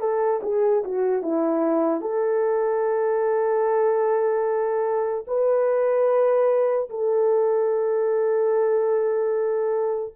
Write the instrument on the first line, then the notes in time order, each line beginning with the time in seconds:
horn
0.00 A4
0.43 G#4
0.84 F#4
1.22 E4
2.01 A4
5.27 B4
6.90 A4